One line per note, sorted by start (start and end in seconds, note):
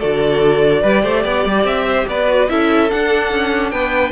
0.00 0.83 D3
0.00 0.84 F#4
0.00 0.81 A4
0.00 1.66 D5
0.81 1.04 G3
0.81 2.27 G4
0.81 1.02 B4
1.02 1.25 A3
1.02 1.23 C5
1.24 1.46 B3
1.24 1.85 D5
1.46 1.64 G3
1.64 2.05 C4
1.64 2.07 E5
1.85 2.06 C5
2.07 2.49 B3
2.07 2.51 B4
2.07 2.49 D5
2.27 2.48 F#4
2.49 2.91 C#4
2.49 2.89 E4
2.49 3.72 A4
2.49 2.90 E5
2.89 4.12 D4
2.89 3.31 D4
2.89 3.70 F#5
3.31 3.72 C#4
3.70 4.12 B3
3.70 4.12 B4
3.70 4.12 G5